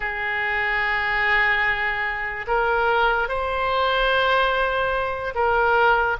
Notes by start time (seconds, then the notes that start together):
0.00 G#4
2.47 A#4
3.28 C5
5.34 A#4